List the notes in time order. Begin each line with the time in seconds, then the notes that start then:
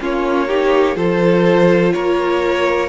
0.00 A#3 C#4 F4 C#5
0.48 D#4 G4
0.95 F3 F4 A4 C5
1.93 A#3 A#4 C#5